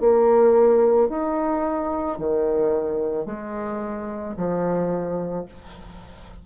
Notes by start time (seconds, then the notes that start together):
0.00 A#3
1.09 D#4
2.18 D#3
3.26 G#3
4.37 F3